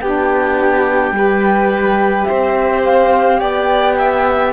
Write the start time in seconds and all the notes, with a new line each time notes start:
0.00 B3 D4 G4 G5
1.11 G3 G4 B4
2.24 C5 E5
2.31 C4
2.85 F5
3.39 B3 D5 G5
3.98 E5